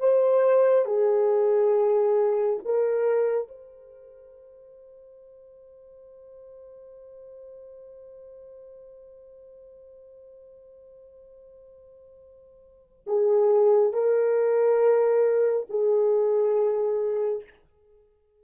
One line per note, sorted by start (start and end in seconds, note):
0.00 0.86 C5
0.86 2.60 G#4
2.65 3.48 A#4
3.48 13.05 C5
13.07 13.93 G#4
13.93 15.67 A#4
15.70 17.43 G#4